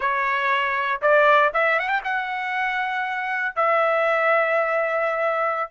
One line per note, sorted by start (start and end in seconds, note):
0.00 1.01 C#5
1.01 1.52 D5
1.53 1.79 E5
1.79 1.88 F#5
1.88 2.01 G5
2.04 3.55 F#5
3.55 5.71 E5